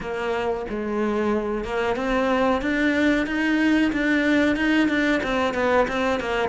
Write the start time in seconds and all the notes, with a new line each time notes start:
0.01 A#3
0.69 G#3
1.64 A#3
1.96 C4
2.61 D4
3.26 D#4
3.92 D4
4.56 D#4
4.88 D4
5.23 C4
5.54 B3
5.88 C4
6.20 A#3